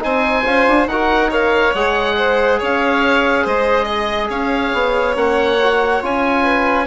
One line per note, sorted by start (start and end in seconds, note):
0.00 0.45 C4
0.00 0.43 D#4
0.00 0.90 C5
0.00 0.88 G#5
0.44 0.66 C#4
0.44 0.87 F4
0.68 0.86 D4
0.86 1.72 D#4
0.86 1.31 F#4
0.86 1.30 A#4
0.86 1.31 F#5
1.30 1.74 A#4
1.30 2.16 C#5
1.30 1.74 F5
1.74 2.61 G#3
1.74 5.15 G#4
1.74 2.60 F#5
2.17 2.59 C5
2.59 3.46 C#4
2.59 3.44 C#5
2.59 3.47 F5
3.44 4.29 G#3
3.44 3.84 C5
3.44 4.30 D#5
3.84 4.27 D#5
4.29 4.72 C#4
4.29 6.43 C#5
4.29 5.16 F5
4.73 5.15 B3
5.15 6.01 A#3
5.15 5.58 C#4
5.15 6.03 F#5
5.63 6.02 F#4
6.02 6.86 C#4
6.02 6.86 F4
6.02 6.86 G#5
6.43 6.86 B4